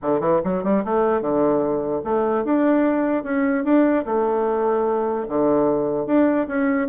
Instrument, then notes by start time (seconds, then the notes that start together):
bassoon
0.02 D3
0.20 E3
0.43 F#3
0.63 G3
0.84 A3
1.21 D3
2.04 A3
2.44 D4
3.23 C#4
3.64 D4
4.05 A3
5.28 D3
6.06 D4
6.47 C#4